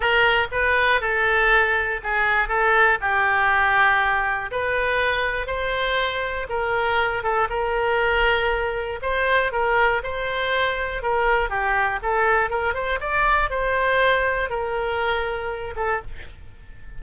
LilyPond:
\new Staff \with { instrumentName = "oboe" } { \time 4/4 \tempo 4 = 120 ais'4 b'4 a'2 | gis'4 a'4 g'2~ | g'4 b'2 c''4~ | c''4 ais'4. a'8 ais'4~ |
ais'2 c''4 ais'4 | c''2 ais'4 g'4 | a'4 ais'8 c''8 d''4 c''4~ | c''4 ais'2~ ais'8 a'8 | }